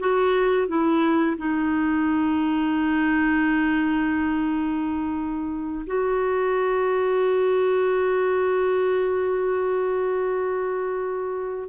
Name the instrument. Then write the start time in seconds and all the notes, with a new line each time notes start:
clarinet
0.00 F#4
0.68 E4
1.38 D#4
5.87 F#4